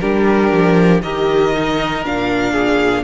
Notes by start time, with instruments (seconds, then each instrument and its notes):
0.00 cello G3, viola D4, violin G4 A#4
0.51 cello F3
1.03 cello D#3, viola G4, violin A#4 D#5
1.54 viola D#4
2.05 cello A#2, viola D4, violin F5
2.53 violin G#4